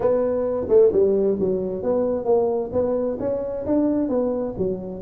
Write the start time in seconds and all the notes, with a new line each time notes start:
0.00 B3
0.68 A3
0.92 G3
1.39 F#3
1.82 B3
2.25 A#3
2.72 B3
3.19 C#4
3.65 D4
4.08 B3
4.57 F#3